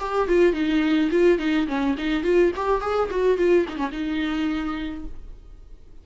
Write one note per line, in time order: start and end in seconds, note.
0.00 0.28 G4
0.28 0.53 F4
0.53 1.10 D#4
1.11 1.39 F4
1.39 1.67 D#4
1.68 1.96 C#4
1.98 2.24 D#4
2.24 2.52 F4
2.56 2.81 G4
2.81 3.10 G#4
3.11 3.38 F#4
3.38 3.66 F4
3.69 3.77 D#4
3.77 3.91 C#4
3.92 5.05 D#4